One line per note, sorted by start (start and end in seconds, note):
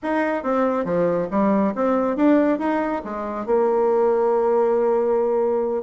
0.02 0.43 D#4
0.43 0.85 C4
0.85 1.28 F3
1.30 1.73 G3
1.75 2.16 C4
2.16 2.58 D4
2.58 3.01 D#4
3.04 3.46 G#3
3.46 5.83 A#3